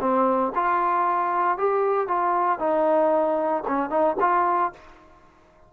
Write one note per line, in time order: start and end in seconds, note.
0.00 0.52 C4
0.55 1.57 F4
1.57 2.08 G4
2.08 2.58 F4
2.58 3.63 D#4
3.67 3.89 C#4
3.89 4.15 D#4
4.20 4.72 F4